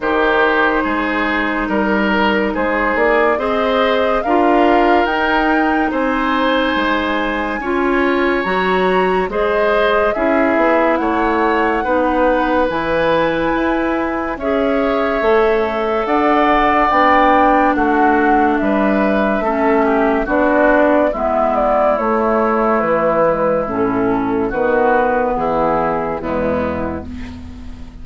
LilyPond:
<<
  \new Staff \with { instrumentName = "flute" } { \time 4/4 \tempo 4 = 71 c''2 ais'4 c''8 d''8 | dis''4 f''4 g''4 gis''4~ | gis''2 ais''4 dis''4 | e''4 fis''2 gis''4~ |
gis''4 e''2 fis''4 | g''4 fis''4 e''2 | d''4 e''8 d''8 cis''4 b'4 | a'4 b'4 gis'4 e'4 | }
  \new Staff \with { instrumentName = "oboe" } { \time 4/4 g'4 gis'4 ais'4 gis'4 | c''4 ais'2 c''4~ | c''4 cis''2 c''4 | gis'4 cis''4 b'2~ |
b'4 cis''2 d''4~ | d''4 fis'4 b'4 a'8 g'8 | fis'4 e'2.~ | e'4 fis'4 e'4 b4 | }
  \new Staff \with { instrumentName = "clarinet" } { \time 4/4 dis'1 | gis'4 f'4 dis'2~ | dis'4 f'4 fis'4 gis'4 | e'2 dis'4 e'4~ |
e'4 gis'4 a'2 | d'2. cis'4 | d'4 b4 a4. gis8 | cis'4 b2 gis4 | }
  \new Staff \with { instrumentName = "bassoon" } { \time 4/4 dis4 gis4 g4 gis8 ais8 | c'4 d'4 dis'4 c'4 | gis4 cis'4 fis4 gis4 | cis'8 b8 a4 b4 e4 |
e'4 cis'4 a4 d'4 | b4 a4 g4 a4 | b4 gis4 a4 e4 | a,4 dis4 e4 e,4 | }
>>